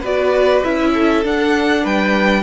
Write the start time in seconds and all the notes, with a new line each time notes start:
0.00 B3 F#4 B4 D5
0.64 C#4 E4 E5
0.93 A4
1.23 D4 F#5
1.83 G3 B4 G5